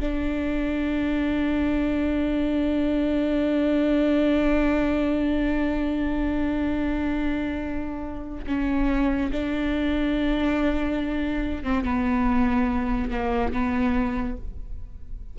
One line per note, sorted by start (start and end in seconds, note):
0.00 8.45 D4
8.47 9.31 C#4
9.32 11.64 D4
11.64 11.84 C4
11.84 13.10 B3
13.10 13.52 A#3
13.53 14.37 B3